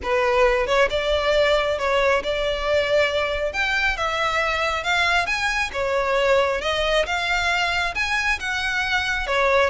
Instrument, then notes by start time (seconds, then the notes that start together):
violin
0.02 B4
0.66 C#5
0.90 D5
1.78 C#5
2.23 D5
3.52 G5
3.96 E5
4.83 F5
5.26 G#5
5.73 C#5
6.61 D#5
7.06 F5
7.95 G#5
8.39 F#5
9.26 C#5